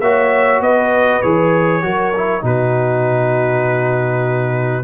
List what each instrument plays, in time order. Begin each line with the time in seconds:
0.00 tuba A#3, trombone F#4, horn C#5, trumpet E5
0.61 tuba B3, horn B4, trumpet D#5
1.22 tuba E3, trombone G#4, trumpet C#5
1.82 tuba F#3, trombone F#4, horn A#4
2.16 trombone E4
2.41 tuba B2, trombone D#4, horn F#4, trumpet B4